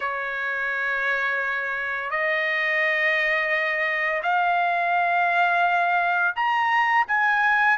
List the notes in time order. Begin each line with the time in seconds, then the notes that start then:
0.00 C#5
2.10 D#5
4.23 F5
6.35 A#5
7.07 G#5